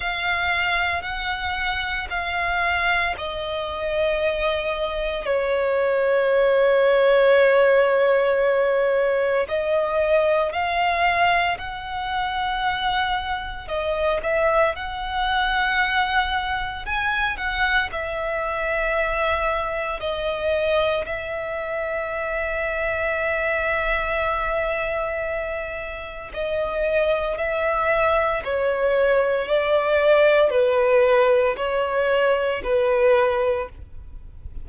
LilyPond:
\new Staff \with { instrumentName = "violin" } { \time 4/4 \tempo 4 = 57 f''4 fis''4 f''4 dis''4~ | dis''4 cis''2.~ | cis''4 dis''4 f''4 fis''4~ | fis''4 dis''8 e''8 fis''2 |
gis''8 fis''8 e''2 dis''4 | e''1~ | e''4 dis''4 e''4 cis''4 | d''4 b'4 cis''4 b'4 | }